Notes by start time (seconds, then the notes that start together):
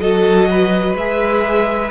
0.00 F#3 F#4 A4 D#5
0.50 B4
0.95 G#3 G#4 E5